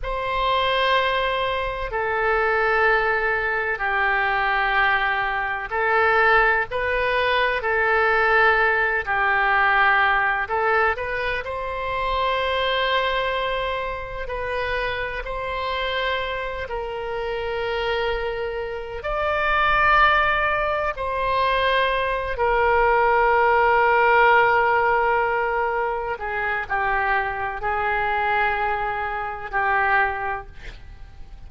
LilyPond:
\new Staff \with { instrumentName = "oboe" } { \time 4/4 \tempo 4 = 63 c''2 a'2 | g'2 a'4 b'4 | a'4. g'4. a'8 b'8 | c''2. b'4 |
c''4. ais'2~ ais'8 | d''2 c''4. ais'8~ | ais'2.~ ais'8 gis'8 | g'4 gis'2 g'4 | }